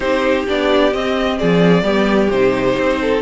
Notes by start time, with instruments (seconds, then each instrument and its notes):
0.00 cello C4, viola D#4, violin G4 C5
0.47 cello B3, viola D4, violin D5
0.91 viola C4, cello C4, violin D#5
1.38 cello F3, violin G#4 D5
1.82 cello G3, viola B3, violin G4
2.30 cello C3, viola D#4, violin C5
2.77 cello C4
3.01 violin A4